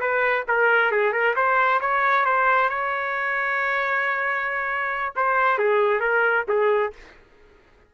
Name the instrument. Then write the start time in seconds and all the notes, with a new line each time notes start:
trumpet
0.00 B4
0.47 A#4
0.91 G#4
1.12 A#4
1.36 C5
1.80 C#5
2.25 C5
2.69 C#5
5.16 C5
5.58 G#4
6.00 A#4
6.48 G#4